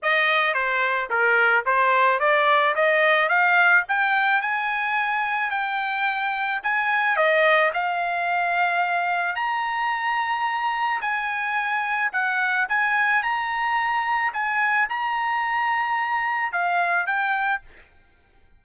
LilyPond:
\new Staff \with { instrumentName = "trumpet" } { \time 4/4 \tempo 4 = 109 dis''4 c''4 ais'4 c''4 | d''4 dis''4 f''4 g''4 | gis''2 g''2 | gis''4 dis''4 f''2~ |
f''4 ais''2. | gis''2 fis''4 gis''4 | ais''2 gis''4 ais''4~ | ais''2 f''4 g''4 | }